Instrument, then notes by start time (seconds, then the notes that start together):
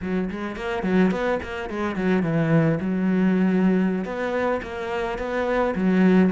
cello
0.01 F#3
0.30 G#3
0.56 A#3
0.83 F#3
1.11 B3
1.42 A#3
1.69 G#3
1.95 F#3
2.22 E3
2.80 F#3
4.04 B3
4.62 A#3
5.18 B3
5.75 F#3